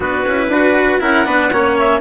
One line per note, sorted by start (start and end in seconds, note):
0.00 0.25 B3
0.00 0.25 D4
0.00 0.49 F#4
0.00 1.02 B4
0.26 0.48 C#4
0.26 0.52 E4
0.48 0.98 D4
0.48 1.00 F#4
0.48 1.01 B4
1.00 1.26 C#4
1.00 1.25 E4
1.00 1.26 A#4
1.00 1.77 F#5
1.25 1.51 B3
1.25 1.50 D4
1.25 1.51 B4
1.52 2.01 A#3
1.52 2.01 C#4
1.52 2.01 C#5
1.78 2.01 E5